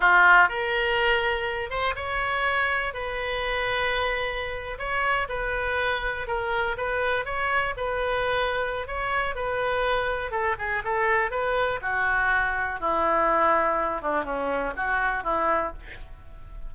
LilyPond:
\new Staff \with { instrumentName = "oboe" } { \time 4/4 \tempo 4 = 122 f'4 ais'2~ ais'8 c''8 | cis''2 b'2~ | b'4.~ b'16 cis''4 b'4~ b'16~ | b'8. ais'4 b'4 cis''4 b'16~ |
b'2 cis''4 b'4~ | b'4 a'8 gis'8 a'4 b'4 | fis'2 e'2~ | e'8 d'8 cis'4 fis'4 e'4 | }